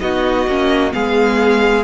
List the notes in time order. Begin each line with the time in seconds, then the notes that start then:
0.00 B3 D#4 F#4 D#5
0.47 A#3 C#4
0.92 G#3 B3 G#4 F5